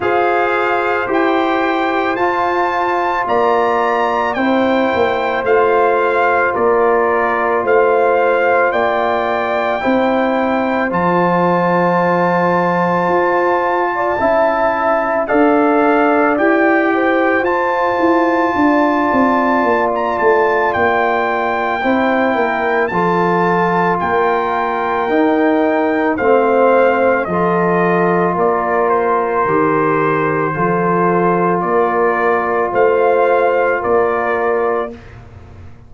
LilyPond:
<<
  \new Staff \with { instrumentName = "trumpet" } { \time 4/4 \tempo 4 = 55 f''4 g''4 a''4 ais''4 | g''4 f''4 d''4 f''4 | g''2 a''2~ | a''2 f''4 g''4 |
a''2~ a''16 ais''16 a''8 g''4~ | g''4 a''4 g''2 | f''4 dis''4 d''8 c''4.~ | c''4 d''4 f''4 d''4 | }
  \new Staff \with { instrumentName = "horn" } { \time 4/4 c''2. d''4 | c''2 ais'4 c''4 | d''4 c''2.~ | c''8. d''16 e''4 d''4. c''8~ |
c''4 d''2. | c''8 ais'8 a'4 ais'2 | c''4 a'4 ais'2 | a'4 ais'4 c''4 ais'4 | }
  \new Staff \with { instrumentName = "trombone" } { \time 4/4 gis'4 g'4 f'2 | e'4 f'2.~ | f'4 e'4 f'2~ | f'4 e'4 a'4 g'4 |
f'1 | e'4 f'2 dis'4 | c'4 f'2 g'4 | f'1 | }
  \new Staff \with { instrumentName = "tuba" } { \time 4/4 f'4 e'4 f'4 ais4 | c'8 ais8 a4 ais4 a4 | ais4 c'4 f2 | f'4 cis'4 d'4 e'4 |
f'8 e'8 d'8 c'8 ais8 a8 ais4 | c'8 ais8 f4 ais4 dis'4 | a4 f4 ais4 dis4 | f4 ais4 a4 ais4 | }
>>